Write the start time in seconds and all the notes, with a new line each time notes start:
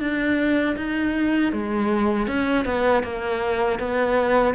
0.00 D4
0.77 D#4
1.53 G#3
2.28 C#4
2.65 B3
3.03 A#3
3.79 B3